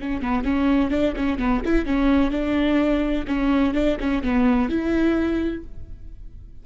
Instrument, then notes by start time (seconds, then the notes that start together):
viola
0.00 C#4
0.22 B3
0.44 C#4
0.91 D4
1.16 C#4
1.39 B3
1.65 E4
1.86 C#4
2.31 D4
3.27 C#4
3.74 D4
4.00 C#4
4.23 B3
4.69 E4